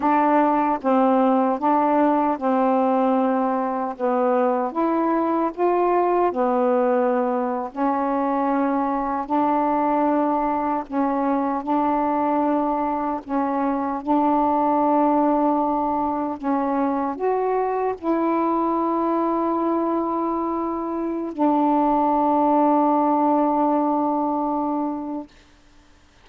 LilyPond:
\new Staff \with { instrumentName = "saxophone" } { \time 4/4 \tempo 4 = 76 d'4 c'4 d'4 c'4~ | c'4 b4 e'4 f'4 | b4.~ b16 cis'2 d'16~ | d'4.~ d'16 cis'4 d'4~ d'16~ |
d'8. cis'4 d'2~ d'16~ | d'8. cis'4 fis'4 e'4~ e'16~ | e'2. d'4~ | d'1 | }